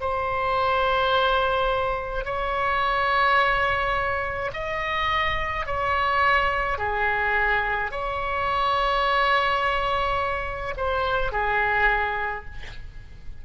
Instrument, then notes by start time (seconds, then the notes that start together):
oboe
0.00 C5
2.24 C#5
4.53 D#5
5.66 C#5
6.78 G#4
7.91 C#5
10.77 C5
11.32 G#4